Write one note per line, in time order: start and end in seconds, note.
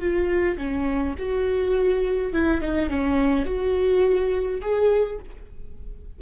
0.00 0.57 F4
0.57 1.15 C#4
1.19 2.33 F#4
2.33 2.61 E4
2.61 2.90 D#4
2.90 3.46 C#4
3.46 4.61 F#4
4.62 5.19 G#4